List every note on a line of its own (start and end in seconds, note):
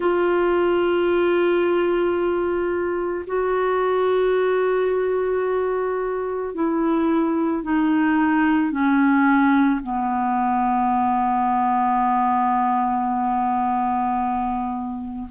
0.00 3.25 F4
3.27 6.54 F#4
6.54 7.63 E4
7.63 8.71 D#4
8.71 9.80 C#4
9.82 15.28 B3